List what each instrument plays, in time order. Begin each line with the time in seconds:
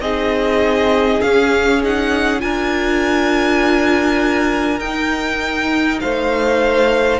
0.00 cello C4, viola D#4, violin G#4 D#5
1.21 viola C#4, cello C#4, violin F5
1.83 viola D#4, violin F#5
2.38 cello D4, viola F4, violin A#4 G#5
4.79 cello D#4, viola D#4, violin G5
6.00 cello A3, violin C5 F5